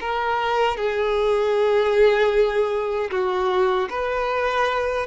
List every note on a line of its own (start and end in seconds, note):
0.00 0.77 A#4
0.77 3.10 G#4
3.11 3.89 F#4
3.89 5.06 B4